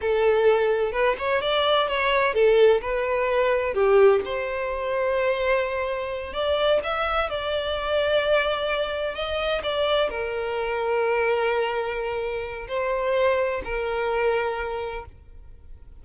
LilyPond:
\new Staff \with { instrumentName = "violin" } { \time 4/4 \tempo 4 = 128 a'2 b'8 cis''8 d''4 | cis''4 a'4 b'2 | g'4 c''2.~ | c''4. d''4 e''4 d''8~ |
d''2.~ d''8 dis''8~ | dis''8 d''4 ais'2~ ais'8~ | ais'2. c''4~ | c''4 ais'2. | }